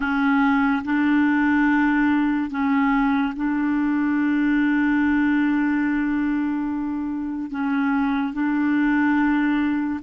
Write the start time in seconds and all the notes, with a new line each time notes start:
0.00 C#4
0.84 D4
2.50 C#4
3.35 D4
7.50 C#4
8.33 D4